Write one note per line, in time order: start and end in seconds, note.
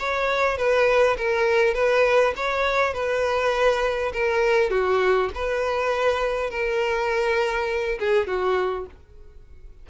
0.00 0.58 C#5
0.58 1.17 B4
1.18 1.75 A#4
1.75 2.34 B4
2.37 2.94 C#5
2.94 4.13 B4
4.14 4.71 A#4
4.71 5.30 F#4
5.35 6.51 B4
6.51 7.99 A#4
8.00 8.27 G#4
8.27 8.87 F#4